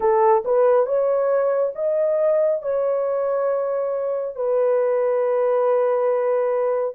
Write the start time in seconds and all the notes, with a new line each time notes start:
0.00 A4
0.44 B4
0.85 C#5
1.75 D#5
2.62 C#5
4.35 B4